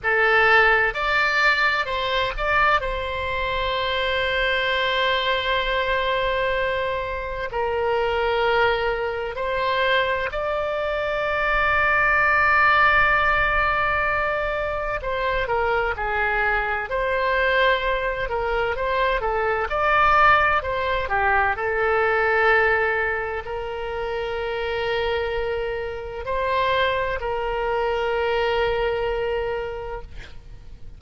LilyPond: \new Staff \with { instrumentName = "oboe" } { \time 4/4 \tempo 4 = 64 a'4 d''4 c''8 d''8 c''4~ | c''1 | ais'2 c''4 d''4~ | d''1 |
c''8 ais'8 gis'4 c''4. ais'8 | c''8 a'8 d''4 c''8 g'8 a'4~ | a'4 ais'2. | c''4 ais'2. | }